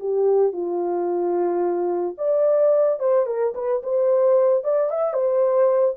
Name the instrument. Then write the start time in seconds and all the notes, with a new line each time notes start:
horn
0.00 G4
0.53 F4
2.18 D5
3.00 C5
3.26 A#4
3.55 B4
3.83 C5
4.64 D5
4.90 E5
5.13 C5